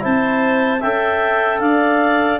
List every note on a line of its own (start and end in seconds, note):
0.00 0.83 C4
0.00 0.79 E4
0.00 0.80 C5
0.00 0.82 A5
0.80 1.60 C#4
0.80 2.40 A4
0.80 1.59 E5
0.80 1.60 G5
1.60 2.39 D4
1.60 2.40 D5
1.60 2.39 F5